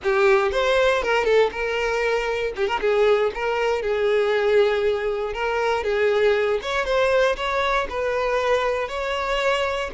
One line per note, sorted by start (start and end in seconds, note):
0.03 0.51 G4
0.51 1.02 C5
1.02 1.24 A#4
1.24 1.50 A4
1.51 2.53 A#4
2.55 2.67 G4
2.67 2.79 A#4
2.80 3.31 G#4
3.34 3.81 A#4
3.81 5.33 G#4
5.33 5.83 A#4
5.83 6.60 G#4
6.62 6.85 C#5
6.85 7.35 C5
7.36 7.87 C#5
7.89 8.88 B4
8.88 9.90 C#5